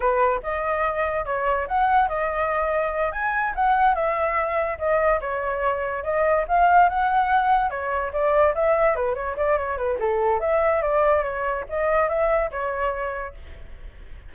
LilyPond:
\new Staff \with { instrumentName = "flute" } { \time 4/4 \tempo 4 = 144 b'4 dis''2 cis''4 | fis''4 dis''2~ dis''8 gis''8~ | gis''8 fis''4 e''2 dis''8~ | dis''8 cis''2 dis''4 f''8~ |
f''8 fis''2 cis''4 d''8~ | d''8 e''4 b'8 cis''8 d''8 cis''8 b'8 | a'4 e''4 d''4 cis''4 | dis''4 e''4 cis''2 | }